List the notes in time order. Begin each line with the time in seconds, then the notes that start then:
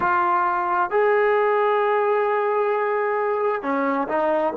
0.00 F4
0.90 G#4
3.62 C#4
4.08 D#4